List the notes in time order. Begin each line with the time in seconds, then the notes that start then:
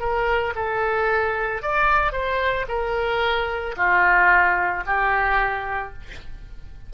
0.00 A#4
0.56 A4
1.62 D5
2.13 C5
2.69 A#4
3.77 F4
4.87 G4